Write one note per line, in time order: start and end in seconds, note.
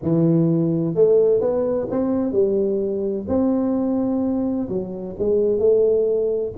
0.02 0.94 E3
0.94 1.40 A3
1.40 1.87 B3
1.90 2.32 C4
2.32 3.25 G3
3.27 4.68 C4
4.69 5.15 F#3
5.18 5.58 G#3
5.58 6.52 A3